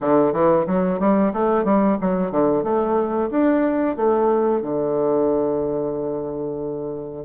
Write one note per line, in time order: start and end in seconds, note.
0.00 0.32 D3
0.32 0.65 E3
0.66 0.99 F#3
0.99 1.32 G3
1.33 1.64 A3
1.64 1.97 G3
2.00 2.31 F#3
2.31 2.63 D3
2.63 3.29 A3
3.30 3.96 D4
3.96 4.62 A3
4.62 7.25 D3